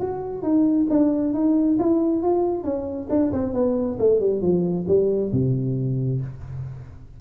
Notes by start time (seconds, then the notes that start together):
0.00 F#4
0.42 D#4
0.90 D4
1.33 D#4
1.79 E4
2.22 F4
2.64 C#4
3.09 D4
3.32 C4
3.53 B3
3.99 A3
4.20 G3
4.41 F3
4.87 G3
5.32 C3